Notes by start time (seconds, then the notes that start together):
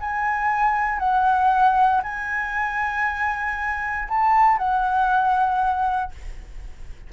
0.00 G#5
0.99 F#5
2.03 G#5
4.08 A5
4.58 F#5